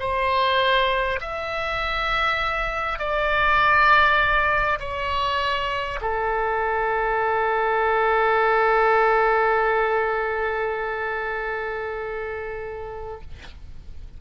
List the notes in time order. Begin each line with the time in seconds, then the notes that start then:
0.00 C5
1.21 E5
2.99 D5
4.80 C#5
6.02 A4